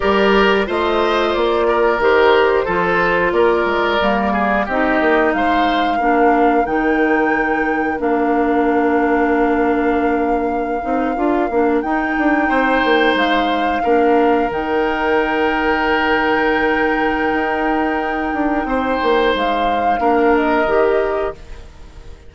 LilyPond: <<
  \new Staff \with { instrumentName = "flute" } { \time 4/4 \tempo 4 = 90 d''4 dis''4 d''4 c''4~ | c''4 d''2 dis''4 | f''2 g''2 | f''1~ |
f''4.~ f''16 g''2 f''16~ | f''4.~ f''16 g''2~ g''16~ | g''1~ | g''4 f''4. dis''4. | }
  \new Staff \with { instrumentName = "oboe" } { \time 4/4 ais'4 c''4. ais'4. | a'4 ais'4. gis'8 g'4 | c''4 ais'2.~ | ais'1~ |
ais'2~ ais'8. c''4~ c''16~ | c''8. ais'2.~ ais'16~ | ais'1 | c''2 ais'2 | }
  \new Staff \with { instrumentName = "clarinet" } { \time 4/4 g'4 f'2 g'4 | f'2 ais4 dis'4~ | dis'4 d'4 dis'2 | d'1~ |
d'16 dis'8 f'8 d'8 dis'2~ dis'16~ | dis'8. d'4 dis'2~ dis'16~ | dis'1~ | dis'2 d'4 g'4 | }
  \new Staff \with { instrumentName = "bassoon" } { \time 4/4 g4 a4 ais4 dis4 | f4 ais8 gis8 g4 c'8 ais8 | gis4 ais4 dis2 | ais1~ |
ais16 c'8 d'8 ais8 dis'8 d'8 c'8 ais8 gis16~ | gis8. ais4 dis2~ dis16~ | dis2 dis'4. d'8 | c'8 ais8 gis4 ais4 dis4 | }
>>